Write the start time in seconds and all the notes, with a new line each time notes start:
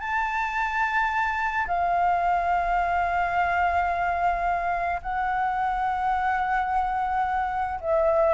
0.00 A5
1.68 F5
5.02 F#5
7.81 E5